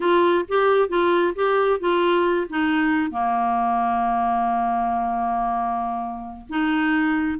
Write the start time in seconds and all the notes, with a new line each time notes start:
0.00 F4
0.48 G4
0.88 F4
1.35 G4
1.80 F4
2.49 D#4
3.10 A#3
6.49 D#4